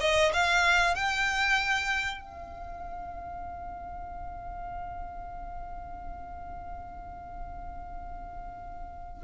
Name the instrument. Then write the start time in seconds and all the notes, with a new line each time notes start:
violin
0.00 D#5
0.33 F5
0.95 G5
2.21 F5